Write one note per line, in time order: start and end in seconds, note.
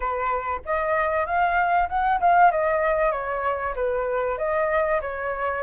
0.00 0.61 B4
0.65 1.26 D#5
1.26 1.88 F5
1.89 2.20 F#5
2.20 2.51 F5
2.51 3.11 D#5
3.11 3.74 C#5
3.75 4.38 B4
4.38 5.00 D#5
5.01 5.62 C#5